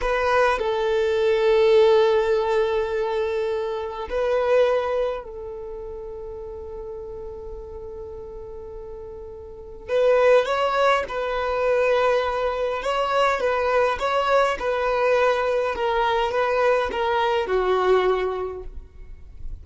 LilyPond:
\new Staff \with { instrumentName = "violin" } { \time 4/4 \tempo 4 = 103 b'4 a'2.~ | a'2. b'4~ | b'4 a'2.~ | a'1~ |
a'4 b'4 cis''4 b'4~ | b'2 cis''4 b'4 | cis''4 b'2 ais'4 | b'4 ais'4 fis'2 | }